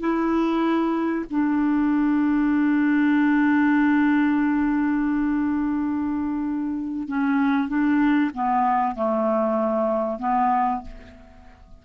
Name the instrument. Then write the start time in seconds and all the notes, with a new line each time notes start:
clarinet
0.00 E4
1.30 D4
7.08 C#4
7.68 D4
8.34 B3
8.95 A3
10.19 B3